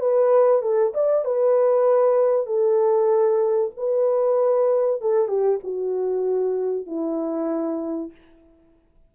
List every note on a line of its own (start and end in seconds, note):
0.00 0.62 B4
0.62 0.93 A4
0.94 1.25 D5
1.25 2.46 B4
2.46 3.71 A4
3.76 5.01 B4
5.01 5.28 A4
5.28 5.59 G4
5.63 6.86 F#4
6.86 8.11 E4